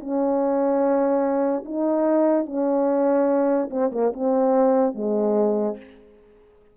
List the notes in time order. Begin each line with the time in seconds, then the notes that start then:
0.00 C#4
1.66 D#4
2.46 C#4
3.71 C4
3.92 A#3
4.13 C4
4.95 G#3